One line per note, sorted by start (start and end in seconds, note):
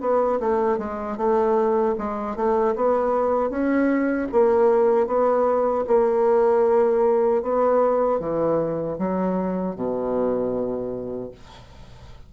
0.00 0.39 B3
0.40 0.78 A3
0.78 1.17 G#3
1.17 1.95 A3
1.98 2.36 G#3
2.36 2.74 A3
2.76 3.50 B3
3.50 4.28 C#4
4.32 5.06 A#3
5.06 5.84 B3
5.87 7.42 A#3
7.42 8.20 B3
8.20 8.98 E3
8.98 9.75 F#3
9.75 11.31 B2